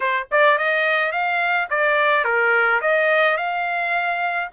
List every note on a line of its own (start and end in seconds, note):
0.00 0.27 C5
0.31 0.58 D5
0.58 1.12 D#5
1.12 1.68 F5
1.69 2.24 D5
2.24 2.80 A#4
2.81 3.37 D#5
3.37 4.49 F5